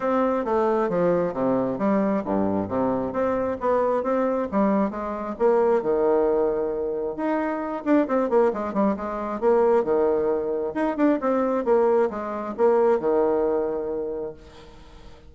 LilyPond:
\new Staff \with { instrumentName = "bassoon" } { \time 4/4 \tempo 4 = 134 c'4 a4 f4 c4 | g4 g,4 c4 c'4 | b4 c'4 g4 gis4 | ais4 dis2. |
dis'4. d'8 c'8 ais8 gis8 g8 | gis4 ais4 dis2 | dis'8 d'8 c'4 ais4 gis4 | ais4 dis2. | }